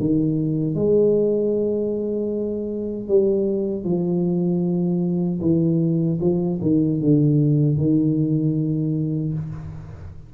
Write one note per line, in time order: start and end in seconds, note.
0.00 0.75 D#3
0.75 3.09 G#3
3.09 3.85 G3
3.85 5.40 F3
5.42 6.19 E3
6.21 6.60 F3
6.62 7.01 D#3
7.01 7.78 D3
7.78 9.34 D#3